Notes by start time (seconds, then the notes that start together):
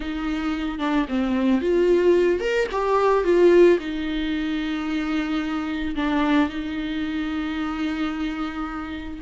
0.00 D#4
0.78 D4
1.08 C4
1.61 F4
2.40 A#4
2.71 G4
3.24 F4
3.79 D#4
5.95 D4
6.49 D#4